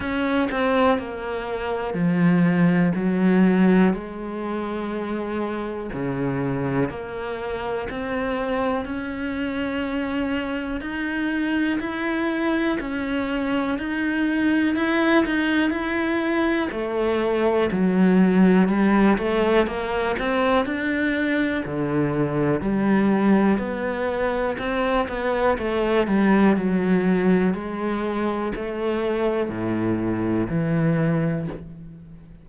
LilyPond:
\new Staff \with { instrumentName = "cello" } { \time 4/4 \tempo 4 = 61 cis'8 c'8 ais4 f4 fis4 | gis2 cis4 ais4 | c'4 cis'2 dis'4 | e'4 cis'4 dis'4 e'8 dis'8 |
e'4 a4 fis4 g8 a8 | ais8 c'8 d'4 d4 g4 | b4 c'8 b8 a8 g8 fis4 | gis4 a4 a,4 e4 | }